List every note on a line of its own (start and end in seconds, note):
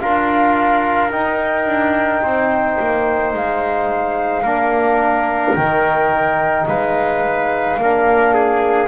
0.00 1.14 D4
0.00 1.11 F4
0.00 2.24 A#4
0.00 1.11 F5
1.11 4.44 D#4
1.11 1.66 D#4
1.11 3.34 G5
1.66 2.22 D4
2.23 2.78 C4
2.23 4.44 C5
2.80 3.34 A#3
3.34 4.44 G#3
3.34 5.55 F5
4.44 5.55 A#3
4.44 5.57 D4
4.44 6.66 A#4
5.55 6.67 D#3
5.55 7.80 D#4
5.55 6.66 G5
6.68 7.78 G#3
6.68 7.80 B4
6.68 8.88 F5
7.78 8.88 A#3
7.78 8.88 D4
7.78 8.35 A#4
8.35 8.88 G#4